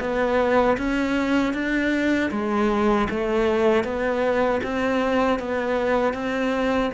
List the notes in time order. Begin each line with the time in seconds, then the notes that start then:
0.00 B3
0.78 C#4
1.53 D4
2.31 G#3
3.10 A3
3.84 B3
4.63 C4
5.40 B3
6.14 C4